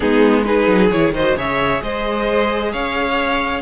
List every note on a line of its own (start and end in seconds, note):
0.00 0.67 G#3
0.00 0.45 B3
0.00 0.43 D#4
0.00 0.44 G#4
0.44 0.90 D#4
0.44 1.14 G#4
0.44 0.89 B4
0.67 0.90 F#3
0.90 1.10 E3
0.90 1.14 E4
0.90 1.13 C#5
1.10 1.33 D#3
1.10 1.36 C5
1.10 1.37 D#5
1.18 1.37 F#4
1.35 1.81 C#3
1.35 3.61 G#4
1.35 1.82 C#5
1.35 1.82 E5
1.82 2.73 G#3
1.82 2.72 C5
1.82 2.72 D#5
2.72 3.61 C#4
2.72 3.61 C#5
2.72 3.61 F5